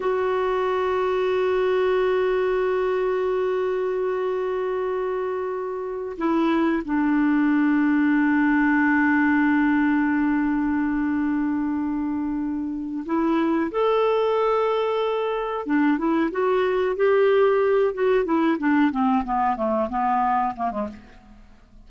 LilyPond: \new Staff \with { instrumentName = "clarinet" } { \time 4/4 \tempo 4 = 92 fis'1~ | fis'1~ | fis'4. e'4 d'4.~ | d'1~ |
d'1 | e'4 a'2. | d'8 e'8 fis'4 g'4. fis'8 | e'8 d'8 c'8 b8 a8 b4 ais16 gis16 | }